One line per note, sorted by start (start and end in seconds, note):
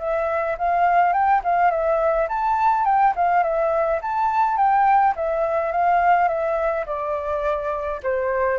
0.00 0.57 E5
0.59 1.14 F5
1.14 1.42 G5
1.44 1.71 F5
1.71 2.28 E5
2.29 2.85 A5
2.85 3.14 G5
3.16 3.44 F5
3.44 4.01 E5
4.02 4.58 A5
4.58 5.15 G5
5.16 5.72 E5
5.72 6.29 F5
6.29 6.86 E5
6.87 8.01 D5
8.03 8.59 C5